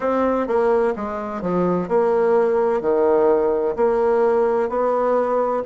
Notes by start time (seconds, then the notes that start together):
0.00 C4
0.47 A#3
0.95 G#3
1.41 F3
1.88 A#3
2.81 D#3
3.75 A#3
4.69 B3